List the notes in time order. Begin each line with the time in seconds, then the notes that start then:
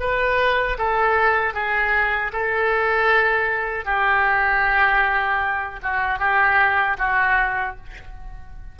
0.00 B4
0.78 A4
1.54 G#4
2.33 A4
3.85 G4
5.83 F#4
6.19 G4
6.98 F#4